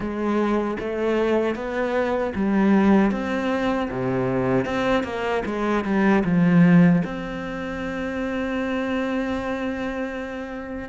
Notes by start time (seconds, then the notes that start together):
0.00 G#3
0.79 A3
1.55 B3
2.35 G3
3.11 C4
3.90 C3
4.65 C4
5.03 A#3
5.45 G#3
5.84 G3
6.24 F3
7.04 C4